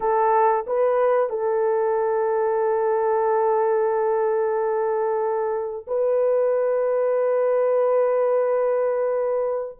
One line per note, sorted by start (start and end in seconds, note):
0.00 0.65 A4
0.67 1.29 B4
1.29 5.86 A4
5.87 9.78 B4